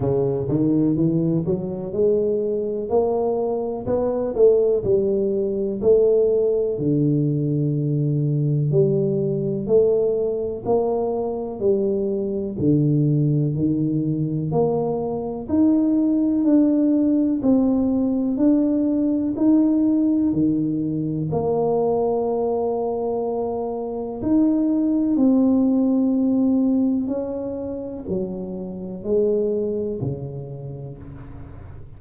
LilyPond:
\new Staff \with { instrumentName = "tuba" } { \time 4/4 \tempo 4 = 62 cis8 dis8 e8 fis8 gis4 ais4 | b8 a8 g4 a4 d4~ | d4 g4 a4 ais4 | g4 d4 dis4 ais4 |
dis'4 d'4 c'4 d'4 | dis'4 dis4 ais2~ | ais4 dis'4 c'2 | cis'4 fis4 gis4 cis4 | }